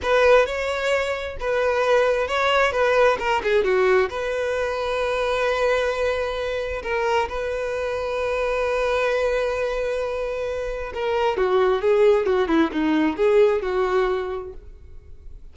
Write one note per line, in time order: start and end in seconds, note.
0.02 0.46 B4
0.46 1.37 C#5
1.40 2.27 B4
2.27 2.72 C#5
2.72 3.17 B4
3.19 3.42 A#4
3.43 3.64 G#4
3.64 4.09 F#4
4.09 6.82 B4
6.82 7.28 A#4
7.29 10.92 B4
10.93 11.37 A#4
11.37 11.81 F#4
11.81 12.26 G#4
12.26 12.48 F#4
12.48 12.70 E4
12.71 13.16 D#4
13.16 13.62 G#4
13.62 14.53 F#4